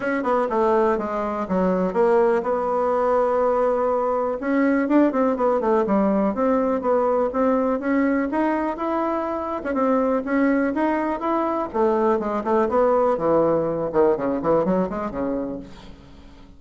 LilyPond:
\new Staff \with { instrumentName = "bassoon" } { \time 4/4 \tempo 4 = 123 cis'8 b8 a4 gis4 fis4 | ais4 b2.~ | b4 cis'4 d'8 c'8 b8 a8 | g4 c'4 b4 c'4 |
cis'4 dis'4 e'4.~ e'16 cis'16 | c'4 cis'4 dis'4 e'4 | a4 gis8 a8 b4 e4~ | e8 dis8 cis8 e8 fis8 gis8 cis4 | }